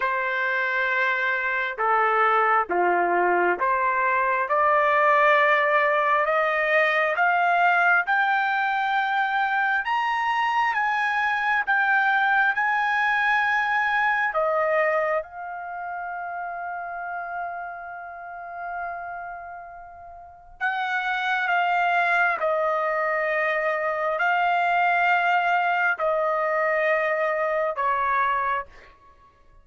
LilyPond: \new Staff \with { instrumentName = "trumpet" } { \time 4/4 \tempo 4 = 67 c''2 a'4 f'4 | c''4 d''2 dis''4 | f''4 g''2 ais''4 | gis''4 g''4 gis''2 |
dis''4 f''2.~ | f''2. fis''4 | f''4 dis''2 f''4~ | f''4 dis''2 cis''4 | }